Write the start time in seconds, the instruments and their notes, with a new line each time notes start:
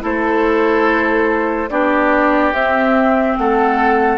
0.00 bassoon A3, clarinet E4, oboe A4, flute C5
1.69 bassoon B3, clarinet D4, oboe G4, flute D5
2.52 bassoon C4, clarinet C4, flute E5
3.37 bassoon A3, oboe A4, flute F#5